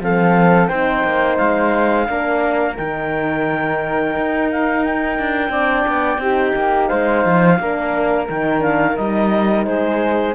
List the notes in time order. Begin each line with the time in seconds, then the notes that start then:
0.00 F3 C4 A4 F5
0.67 C4 D#4 C5 G5
1.03 A#3
1.37 G#3 F5
2.06 A#3 D4 A#4
2.77 D#3 D#4 G5
4.15 D#4
4.50 F5
4.84 G5
5.19 D4
5.49 C4 D4 D5
5.87 B3
6.17 C4 D#4 G4
6.55 A#3
6.87 G#3 C5 F5
7.25 F3
7.59 A#3 D4 A#4
8.28 D#3 D#4 G5
8.58 D4 F5
8.96 G3 D#4 D#5
9.65 G#3 G#4 C5